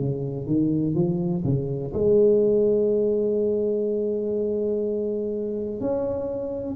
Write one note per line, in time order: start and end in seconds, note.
0.00 0.47 C#3
0.47 0.95 D#3
0.95 1.43 F3
1.45 1.93 C#3
1.94 5.81 G#3
5.81 6.76 C#4